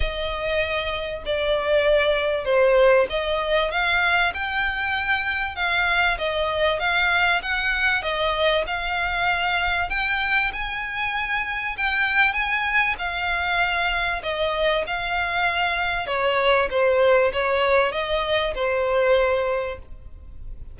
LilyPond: \new Staff \with { instrumentName = "violin" } { \time 4/4 \tempo 4 = 97 dis''2 d''2 | c''4 dis''4 f''4 g''4~ | g''4 f''4 dis''4 f''4 | fis''4 dis''4 f''2 |
g''4 gis''2 g''4 | gis''4 f''2 dis''4 | f''2 cis''4 c''4 | cis''4 dis''4 c''2 | }